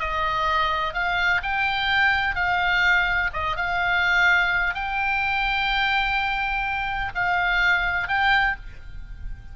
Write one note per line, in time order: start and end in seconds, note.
0.00 0.94 D#5
0.94 1.42 F5
1.43 2.35 G5
2.35 3.31 F5
3.34 3.57 D#5
3.57 4.75 F5
4.75 7.13 G5
7.15 8.08 F5
8.08 8.56 G5